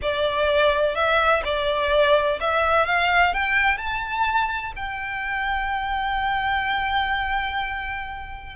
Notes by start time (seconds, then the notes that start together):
0.02 D5
0.95 E5
1.44 D5
2.40 E5
2.85 F5
3.33 G5
3.77 A5
4.76 G5